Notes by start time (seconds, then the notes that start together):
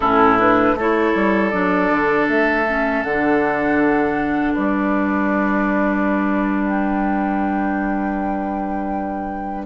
0.00 A2 C#4 E4 A4
0.38 D4 B4
0.74 A3 E4 A4 C#5
1.15 G3
1.50 F#3 D4 D5
1.90 D3
2.28 A3 E5
2.68 C#4
3.03 D3 D4 F#5
4.53 G3 B4 D5
6.63 G5